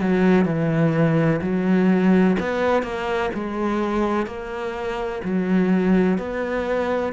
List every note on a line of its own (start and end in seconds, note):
0.00 0.45 F#3
0.45 1.40 E3
1.41 2.36 F#3
2.39 2.83 B3
2.83 3.30 A#3
3.34 4.26 G#3
4.26 5.21 A#3
5.24 6.18 F#3
6.18 7.13 B3